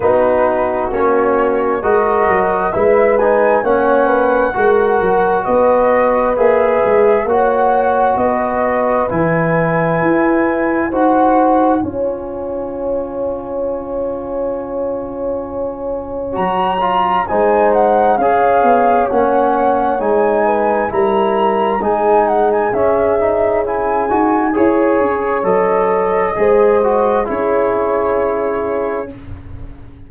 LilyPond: <<
  \new Staff \with { instrumentName = "flute" } { \time 4/4 \tempo 4 = 66 b'4 cis''4 dis''4 e''8 gis''8 | fis''2 dis''4 e''4 | fis''4 dis''4 gis''2 | fis''4 gis''2.~ |
gis''2 ais''4 gis''8 fis''8 | f''4 fis''4 gis''4 ais''4 | gis''8 fis''16 gis''16 e''4 gis''4 cis''4 | dis''2 cis''2 | }
  \new Staff \with { instrumentName = "horn" } { \time 4/4 fis'2 ais'4 b'4 | cis''8 b'8 ais'4 b'2 | cis''4 b'2. | c''4 cis''2.~ |
cis''2. c''4 | cis''2~ cis''8 b'8 ais'4 | gis'2. cis''4~ | cis''4 c''4 gis'2 | }
  \new Staff \with { instrumentName = "trombone" } { \time 4/4 dis'4 cis'4 fis'4 e'8 dis'8 | cis'4 fis'2 gis'4 | fis'2 e'2 | fis'4 f'2.~ |
f'2 fis'8 f'8 dis'4 | gis'4 cis'4 dis'4 e'4 | dis'4 cis'8 dis'8 e'8 fis'8 gis'4 | a'4 gis'8 fis'8 e'2 | }
  \new Staff \with { instrumentName = "tuba" } { \time 4/4 b4 ais4 gis8 fis8 gis4 | ais4 gis8 fis8 b4 ais8 gis8 | ais4 b4 e4 e'4 | dis'4 cis'2.~ |
cis'2 fis4 gis4 | cis'8 b8 ais4 gis4 g4 | gis4 cis'4. dis'8 e'8 cis'8 | fis4 gis4 cis'2 | }
>>